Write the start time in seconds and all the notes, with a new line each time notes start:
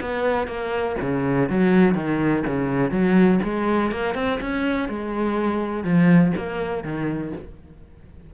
0.00 B3
0.47 A#3
1.00 C#3
1.49 F#3
1.94 D#3
2.46 C#3
2.91 F#3
3.43 G#3
3.91 A#3
4.14 C4
4.40 C#4
4.88 G#3
5.84 F3
6.36 A#3
6.83 D#3